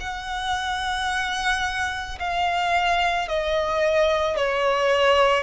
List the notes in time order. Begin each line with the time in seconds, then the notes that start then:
0.00 F#5
2.19 F5
3.28 D#5
4.36 C#5